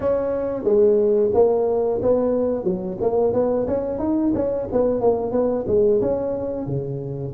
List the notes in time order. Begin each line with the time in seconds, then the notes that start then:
0.00 C#4
0.63 G#3
1.34 A#3
2.02 B3
2.64 F#3
3.00 A#3
3.33 B3
3.67 C#4
3.98 D#4
4.34 C#4
4.72 B3
5.01 A#3
5.32 B3
5.67 G#3
6.01 C#4
6.66 C#3